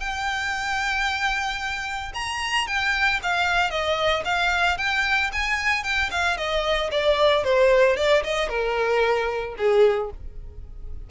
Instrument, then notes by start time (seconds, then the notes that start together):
violin
0.00 G5
2.14 A#5
2.67 G5
3.23 F5
3.70 D#5
4.25 F5
4.77 G5
5.32 G#5
5.83 G5
6.11 F5
6.37 D#5
6.91 D5
7.44 C5
7.96 D5
8.23 D#5
8.49 A#4
9.57 G#4